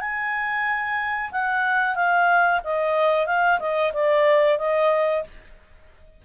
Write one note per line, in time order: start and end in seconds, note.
0.00 1.30 G#5
1.32 1.95 F#5
1.95 2.61 F5
2.64 3.26 D#5
3.26 3.59 F5
3.60 3.92 D#5
3.93 4.58 D5
4.58 5.24 D#5